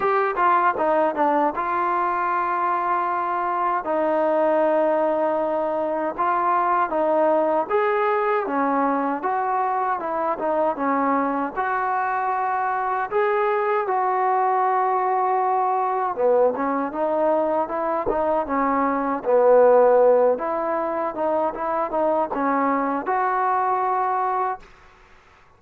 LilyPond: \new Staff \with { instrumentName = "trombone" } { \time 4/4 \tempo 4 = 78 g'8 f'8 dis'8 d'8 f'2~ | f'4 dis'2. | f'4 dis'4 gis'4 cis'4 | fis'4 e'8 dis'8 cis'4 fis'4~ |
fis'4 gis'4 fis'2~ | fis'4 b8 cis'8 dis'4 e'8 dis'8 | cis'4 b4. e'4 dis'8 | e'8 dis'8 cis'4 fis'2 | }